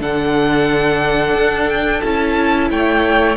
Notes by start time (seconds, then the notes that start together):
0.00 D3 D4 A4 F#5
1.34 D4
1.69 G5
2.01 C#4 E4 A5
2.70 A3 C#5 G5